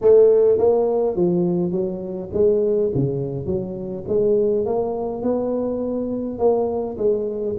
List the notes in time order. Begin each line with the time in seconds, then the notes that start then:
0.01 A3
0.57 A#3
1.16 F3
1.71 F#3
2.33 G#3
2.94 C#3
3.46 F#3
4.08 G#3
4.65 A#3
5.22 B3
6.38 A#3
6.97 G#3